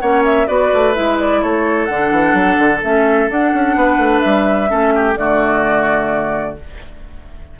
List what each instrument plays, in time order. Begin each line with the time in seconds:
0.00 bassoon A#3, clarinet C#4, oboe C#5, flute F#5
0.25 flute E5
0.47 bassoon B3, clarinet F#4, oboe B4, flute D5
0.74 bassoon A3
0.94 bassoon G#3, clarinet E4, flute E5
1.19 flute D5
1.42 bassoon A3, oboe A4, flute C#5
1.86 bassoon D3, flute F#5
1.92 clarinet D4
2.11 bassoon E3
2.34 bassoon F#3
2.58 bassoon D3
2.83 bassoon A3, clarinet C#4, flute E5
3.29 clarinet D4, bassoon D4, flute F#5
3.53 bassoon C#4
3.76 bassoon B3, oboe B4
3.98 bassoon A3
4.21 bassoon G3, flute E5
4.68 bassoon A3, clarinet C#4, oboe A4
4.95 oboe G4
5.16 bassoon D3, clarinet A3, oboe F#4, flute D5